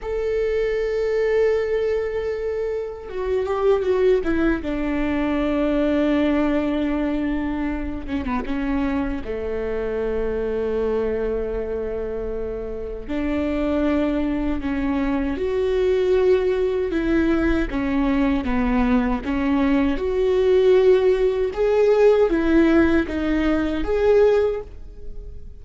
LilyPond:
\new Staff \with { instrumentName = "viola" } { \time 4/4 \tempo 4 = 78 a'1 | fis'8 g'8 fis'8 e'8 d'2~ | d'2~ d'8 cis'16 b16 cis'4 | a1~ |
a4 d'2 cis'4 | fis'2 e'4 cis'4 | b4 cis'4 fis'2 | gis'4 e'4 dis'4 gis'4 | }